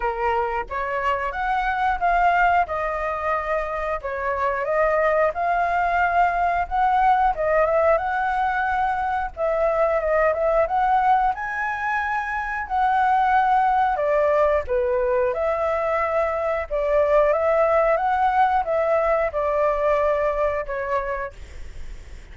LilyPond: \new Staff \with { instrumentName = "flute" } { \time 4/4 \tempo 4 = 90 ais'4 cis''4 fis''4 f''4 | dis''2 cis''4 dis''4 | f''2 fis''4 dis''8 e''8 | fis''2 e''4 dis''8 e''8 |
fis''4 gis''2 fis''4~ | fis''4 d''4 b'4 e''4~ | e''4 d''4 e''4 fis''4 | e''4 d''2 cis''4 | }